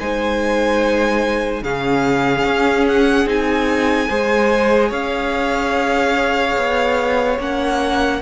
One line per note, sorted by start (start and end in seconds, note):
0.00 1.62 G#3
0.00 1.65 D#4
0.00 1.63 C5
0.00 1.64 G#5
1.62 2.44 C#3
1.62 3.27 C#4
1.62 4.09 G#4
1.62 2.87 F5
2.45 3.26 C#4
2.88 3.29 F#5
3.26 4.08 C4
3.26 4.09 D#4
3.26 4.92 G#5
4.09 4.92 G#3
4.09 7.38 G#4
4.09 4.89 C5
4.89 6.56 C#4
4.89 8.18 C#5
4.89 7.39 F5
6.57 7.39 B3
7.39 8.22 A#3
7.39 8.22 C#4
7.39 8.22 F#5